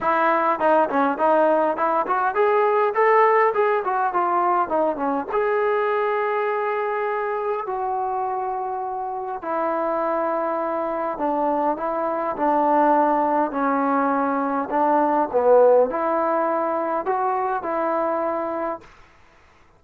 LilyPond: \new Staff \with { instrumentName = "trombone" } { \time 4/4 \tempo 4 = 102 e'4 dis'8 cis'8 dis'4 e'8 fis'8 | gis'4 a'4 gis'8 fis'8 f'4 | dis'8 cis'8 gis'2.~ | gis'4 fis'2. |
e'2. d'4 | e'4 d'2 cis'4~ | cis'4 d'4 b4 e'4~ | e'4 fis'4 e'2 | }